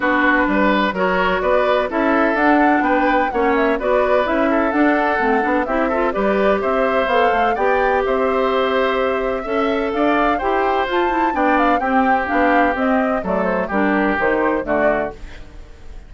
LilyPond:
<<
  \new Staff \with { instrumentName = "flute" } { \time 4/4 \tempo 4 = 127 b'2 cis''4 d''4 | e''4 fis''4 g''4 fis''8 e''8 | d''4 e''4 fis''2 | e''4 d''4 e''4 f''4 |
g''4 e''2.~ | e''4 f''4 g''4 a''4 | g''8 f''8 g''4 f''4 dis''4 | d''8 c''8 ais'4 c''4 d''4 | }
  \new Staff \with { instrumentName = "oboe" } { \time 4/4 fis'4 b'4 ais'4 b'4 | a'2 b'4 cis''4 | b'4. a'2~ a'8 | g'8 a'8 b'4 c''2 |
d''4 c''2. | e''4 d''4 c''2 | d''4 g'2. | a'4 g'2 fis'4 | }
  \new Staff \with { instrumentName = "clarinet" } { \time 4/4 d'2 fis'2 | e'4 d'2 cis'4 | fis'4 e'4 d'4 c'8 d'8 | e'8 f'8 g'2 a'4 |
g'1 | a'2 g'4 f'8 e'8 | d'4 c'4 d'4 c'4 | a4 d'4 dis'4 a4 | }
  \new Staff \with { instrumentName = "bassoon" } { \time 4/4 b4 g4 fis4 b4 | cis'4 d'4 b4 ais4 | b4 cis'4 d'4 a8 b8 | c'4 g4 c'4 b8 a8 |
b4 c'2. | cis'4 d'4 e'4 f'4 | b4 c'4 b4 c'4 | fis4 g4 dis4 d4 | }
>>